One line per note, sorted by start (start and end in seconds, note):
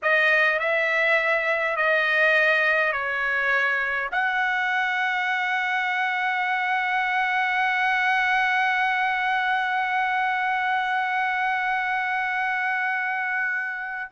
0.02 0.59 D#5
0.59 1.76 E5
1.76 2.92 D#5
2.92 4.10 C#5
4.11 14.11 F#5